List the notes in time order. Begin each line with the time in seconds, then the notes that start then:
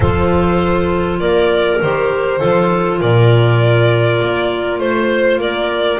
0.00 F3 F4 A4 C5
1.19 A#3 A#4 D5
1.81 D#3 G4 C5
2.39 F3 F4 A4
2.99 A#2 A#4 D5
4.21 A#3
4.79 A3 C5
5.37 A#3 A#4 D5